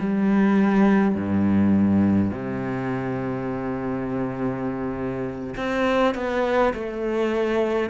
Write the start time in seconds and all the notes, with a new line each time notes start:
0.00 G3
1.15 G2
2.30 C3
5.57 C4
6.14 B3
6.74 A3